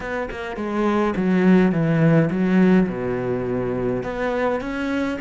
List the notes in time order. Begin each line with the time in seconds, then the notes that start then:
0.00 B3
0.30 A#3
0.56 G#3
1.16 F#3
1.72 E3
2.30 F#3
2.88 B2
4.03 B3
4.60 C#4